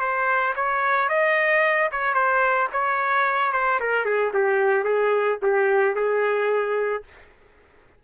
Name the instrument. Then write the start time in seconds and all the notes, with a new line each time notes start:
trumpet
0.00 C5
0.56 C#5
1.09 D#5
1.92 C#5
2.14 C5
2.72 C#5
3.53 C5
3.80 A#4
4.05 G#4
4.34 G4
4.84 G#4
5.42 G4
5.95 G#4